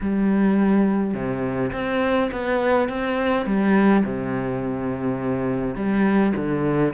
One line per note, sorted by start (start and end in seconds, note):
0.00 1.14 G3
1.14 1.71 C3
1.72 2.30 C4
2.31 2.88 B3
2.88 3.46 C4
3.46 4.03 G3
4.04 5.75 C3
5.75 6.33 G3
6.35 6.93 D3